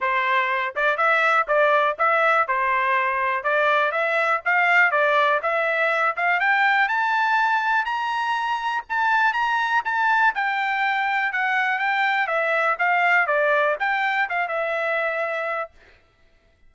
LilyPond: \new Staff \with { instrumentName = "trumpet" } { \time 4/4 \tempo 4 = 122 c''4. d''8 e''4 d''4 | e''4 c''2 d''4 | e''4 f''4 d''4 e''4~ | e''8 f''8 g''4 a''2 |
ais''2 a''4 ais''4 | a''4 g''2 fis''4 | g''4 e''4 f''4 d''4 | g''4 f''8 e''2~ e''8 | }